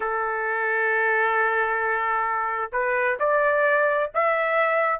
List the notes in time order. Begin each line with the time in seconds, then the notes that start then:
0.00 A4
2.72 B4
3.19 D5
4.14 E5